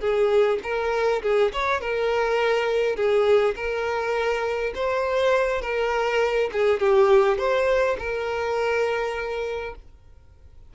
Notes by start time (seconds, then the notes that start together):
0.00 G#4
0.63 A#4
1.22 G#4
1.52 C#5
1.80 A#4
2.95 G#4
3.55 A#4
4.74 C5
5.61 A#4
6.52 G#4
6.79 G4
7.38 C5
7.98 A#4